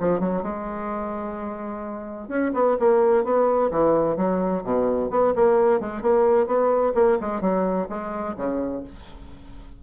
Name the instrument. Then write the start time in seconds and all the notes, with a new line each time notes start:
bassoon
0.00 F3
0.20 F#3
0.43 G#3
2.28 C#4
2.54 B3
2.80 A#3
3.24 B3
3.71 E3
4.17 F#3
4.64 B2
5.10 B3
5.36 A#3
5.80 G#3
6.02 A#3
6.47 B3
6.95 A#3
7.21 G#3
7.41 F#3
7.89 G#3
8.37 C#3